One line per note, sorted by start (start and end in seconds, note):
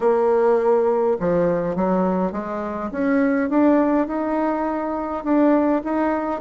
0.00 1.17 A#3
1.19 1.75 F3
1.75 2.32 F#3
2.32 2.90 G#3
2.91 3.50 C#4
3.50 4.07 D4
4.07 5.23 D#4
5.23 5.82 D4
5.84 6.41 D#4